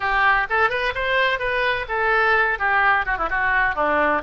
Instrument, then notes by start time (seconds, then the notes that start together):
oboe
0.00 G4
0.49 A4
0.69 B4
0.94 C5
1.39 B4
1.88 A4
2.58 G4
3.05 F#4
3.17 E4
3.29 F#4
3.75 D4